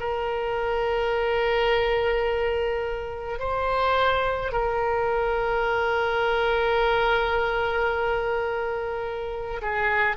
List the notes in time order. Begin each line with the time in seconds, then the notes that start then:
0.00 A#4
3.40 C5
4.52 A#4
9.62 G#4